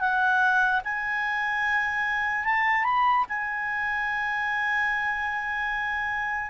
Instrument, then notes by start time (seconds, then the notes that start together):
clarinet
0.00 F#5
0.84 G#5
2.45 A5
2.85 B5
3.29 G#5